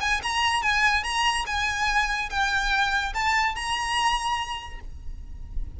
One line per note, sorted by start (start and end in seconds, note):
0.00 0.21 G#5
0.23 0.62 A#5
0.62 1.03 G#5
1.03 1.45 A#5
1.46 2.29 G#5
2.30 3.13 G5
3.14 3.55 A5
3.55 4.80 A#5